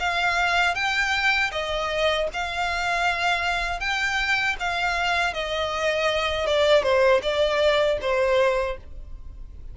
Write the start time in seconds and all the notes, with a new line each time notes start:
0.00 F5
0.75 G5
1.52 D#5
2.33 F5
3.80 G5
4.60 F5
5.34 D#5
6.47 D5
6.83 C5
7.23 D5
8.02 C5